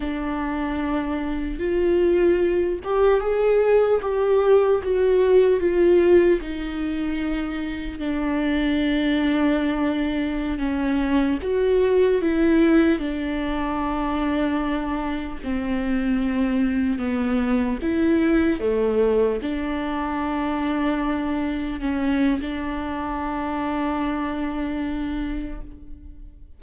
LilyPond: \new Staff \with { instrumentName = "viola" } { \time 4/4 \tempo 4 = 75 d'2 f'4. g'8 | gis'4 g'4 fis'4 f'4 | dis'2 d'2~ | d'4~ d'16 cis'4 fis'4 e'8.~ |
e'16 d'2. c'8.~ | c'4~ c'16 b4 e'4 a8.~ | a16 d'2. cis'8. | d'1 | }